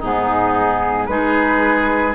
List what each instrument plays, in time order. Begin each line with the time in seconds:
0.00 bassoon G#2, clarinet B3, oboe D#4, flute G#4
1.07 bassoon G#3, clarinet D#4, oboe G#4, flute B4